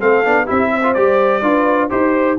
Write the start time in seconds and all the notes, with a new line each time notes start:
0.00 A3 C4 A4 F5
0.25 B3 D4
0.45 C4 E4 G4 E5
0.72 C5
0.83 F4
0.94 G3 G4 D5
1.42 D4 F4 B4
1.90 D#4 G4 C5